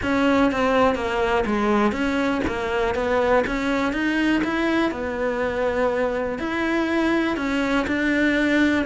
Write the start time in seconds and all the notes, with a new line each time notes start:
0.02 C#4
0.51 C4
0.95 A#3
1.46 G#3
1.92 C#4
2.47 A#3
2.94 B3
3.46 C#4
3.93 D#4
4.44 E4
4.91 B3
6.38 E4
7.36 C#4
7.87 D4